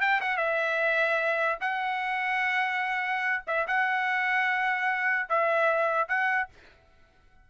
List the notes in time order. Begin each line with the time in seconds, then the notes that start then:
0.00 G5
0.21 F#5
0.36 E5
1.60 F#5
3.46 E5
3.67 F#5
5.29 E5
6.08 F#5